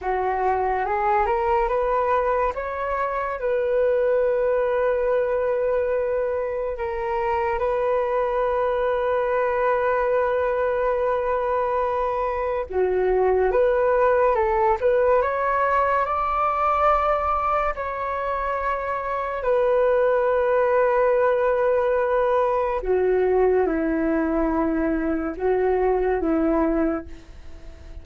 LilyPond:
\new Staff \with { instrumentName = "flute" } { \time 4/4 \tempo 4 = 71 fis'4 gis'8 ais'8 b'4 cis''4 | b'1 | ais'4 b'2.~ | b'2. fis'4 |
b'4 a'8 b'8 cis''4 d''4~ | d''4 cis''2 b'4~ | b'2. fis'4 | e'2 fis'4 e'4 | }